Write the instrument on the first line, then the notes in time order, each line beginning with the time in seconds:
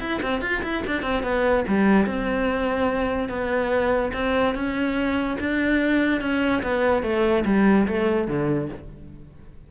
cello
0.00 E4
0.22 C4
0.41 F4
0.63 E4
0.87 D4
1.02 C4
1.23 B3
1.68 G3
2.06 C4
3.29 B3
4.13 C4
4.55 C#4
5.40 D4
6.21 C#4
6.63 B3
7.03 A3
7.45 G3
7.88 A3
8.28 D3